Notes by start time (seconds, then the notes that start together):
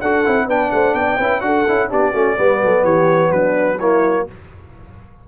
0.00 D4 F#4 A4 F#5
0.24 C4 E4
0.46 B3 D4 B4 G5
0.71 A3 C5 F#5
0.94 B3 D5 G5
1.17 C#4 E4 B4
1.40 D4 F#4 A4 F#5
1.67 C#4 E4
1.89 B3 D4 G4 D5
2.12 A3 C#4 F#4
2.36 G3 B3 B4
2.61 F#3 A4
2.83 E3 G4 C#5
3.30 F#3 D4 B4
3.79 A#3 E4 C#5